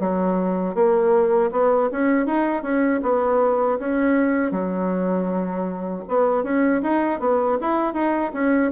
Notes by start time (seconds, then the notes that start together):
0.00 F#3
0.75 A#3
1.52 B3
1.92 C#4
2.26 D#4
2.63 C#4
3.03 B3
3.79 C#4
4.52 F#3
6.08 B3
6.43 C#4
6.83 D#4
7.20 B3
7.61 E4
7.94 D#4
8.34 C#4